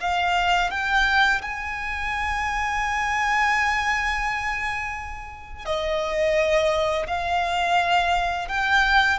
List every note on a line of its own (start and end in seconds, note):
0.00 0.71 F5
0.71 1.41 G5
1.41 5.65 G#5
5.65 7.06 D#5
7.07 8.48 F5
8.48 9.19 G5